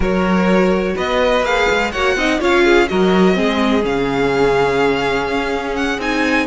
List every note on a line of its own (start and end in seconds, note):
0.00 0.94 F#3
0.00 1.44 F#4
0.00 0.93 A#4
0.00 0.97 C#5
0.95 1.42 B3
0.95 1.91 B4
0.95 1.44 D#5
1.42 1.66 A#3
1.42 1.92 G#4
1.42 1.91 F5
1.71 1.94 G#3
1.91 2.15 A#3
1.91 2.18 F#4
1.91 2.16 C#5
1.91 2.39 F#5
2.15 2.39 C4
2.15 2.40 D#4
2.15 2.39 D#5
2.39 2.89 C#4
2.39 2.88 F4
2.39 2.63 C#5
2.39 2.88 F5
2.64 2.88 G#4
2.88 3.38 F#3
2.88 3.33 F#4
2.88 3.35 A#4
2.88 3.84 D#5
3.33 3.84 G#3
3.33 3.81 C4
3.33 6.46 G#4
3.81 5.27 C#3
3.81 5.97 C#4
3.81 5.75 F5
5.27 5.98 C#4
5.75 5.99 F#5
5.98 6.46 C4
5.98 6.46 D#4
5.98 6.46 G#5